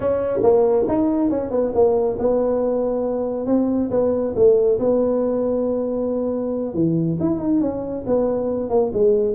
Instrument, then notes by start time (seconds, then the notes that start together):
tuba
0.00 C#4
0.42 A#3
0.88 D#4
1.29 C#4
1.50 B3
1.74 A#3
2.18 B3
3.46 C4
3.90 B3
4.35 A3
4.79 B3
6.74 E3
7.20 E4
7.39 D#4
7.60 C#4
8.06 B3
8.69 A#3
8.93 G#3